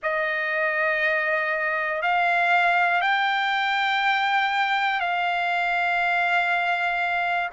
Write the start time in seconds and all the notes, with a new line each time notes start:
0.02 D#5
2.01 F5
3.01 G5
5.00 F5